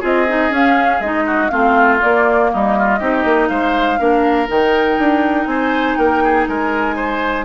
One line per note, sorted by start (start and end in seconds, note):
0.00 0.50 C4
0.00 0.26 F4
0.00 1.24 G#4
0.00 0.54 D#5
0.28 0.50 D#4
0.50 1.00 C#4
0.50 1.01 F5
1.00 1.49 G#3
1.00 1.49 D#4
1.00 1.48 D#5
1.26 1.51 F#4
1.48 2.02 A3
1.48 1.99 C4
1.48 2.51 F4
1.48 1.98 F5
1.99 2.98 A#3
1.99 2.53 A#3
1.99 2.51 D5
2.53 3.01 G3
2.53 2.77 D#4
2.53 3.48 D#5
2.77 2.99 F4
2.99 3.25 C4
2.99 3.98 D#4
2.99 3.49 G4
3.25 3.49 A#3
3.48 3.99 G#3
3.48 3.99 C5
3.48 4.47 F5
3.98 4.49 A#3
3.98 4.47 D4
3.98 5.48 A#4
4.47 4.98 D#3
4.47 7.45 D#4
4.47 5.47 G5
4.98 5.46 D4
5.46 5.96 C4
5.46 5.98 C5
5.46 5.96 G#5
5.96 6.47 A#3
5.96 6.23 A#4
5.96 6.46 G5
6.24 6.48 G#4
6.48 7.45 G#3
6.48 6.96 A#4
6.48 7.45 G#5
6.96 7.45 C5